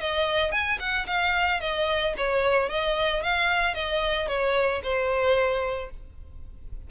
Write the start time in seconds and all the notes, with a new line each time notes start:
0.00 D#5
0.51 G#5
0.79 F#5
1.07 F5
1.60 D#5
2.17 C#5
2.69 D#5
3.22 F5
3.74 D#5
4.28 C#5
4.83 C5